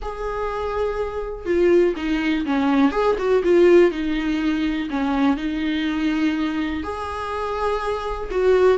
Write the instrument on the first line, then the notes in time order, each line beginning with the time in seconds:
viola
0.02 G#4
1.45 F4
1.96 D#4
2.45 C#4
2.91 G#4
3.18 F#4
3.43 F4
3.91 D#4
4.90 C#4
5.36 D#4
6.83 G#4
8.30 F#4